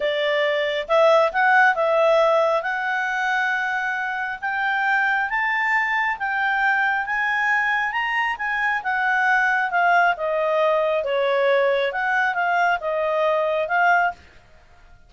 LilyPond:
\new Staff \with { instrumentName = "clarinet" } { \time 4/4 \tempo 4 = 136 d''2 e''4 fis''4 | e''2 fis''2~ | fis''2 g''2 | a''2 g''2 |
gis''2 ais''4 gis''4 | fis''2 f''4 dis''4~ | dis''4 cis''2 fis''4 | f''4 dis''2 f''4 | }